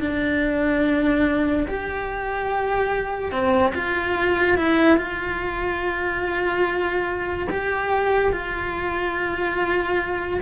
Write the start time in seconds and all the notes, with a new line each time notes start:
0.00 D4
1.68 G4
3.32 C4
3.75 F4
4.58 E4
4.98 F4
7.50 G4
8.33 F4